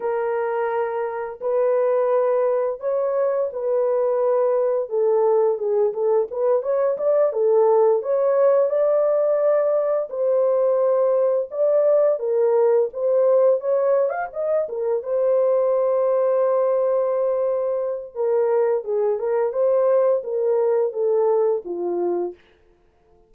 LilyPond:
\new Staff \with { instrumentName = "horn" } { \time 4/4 \tempo 4 = 86 ais'2 b'2 | cis''4 b'2 a'4 | gis'8 a'8 b'8 cis''8 d''8 a'4 cis''8~ | cis''8 d''2 c''4.~ |
c''8 d''4 ais'4 c''4 cis''8~ | cis''16 f''16 dis''8 ais'8 c''2~ c''8~ | c''2 ais'4 gis'8 ais'8 | c''4 ais'4 a'4 f'4 | }